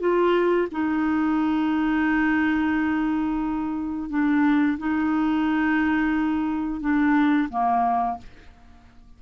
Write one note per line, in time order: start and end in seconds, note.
0.00 0.68 F4
0.72 4.10 D#4
4.10 4.78 D4
4.78 6.81 D#4
6.81 7.49 D4
7.50 8.18 A#3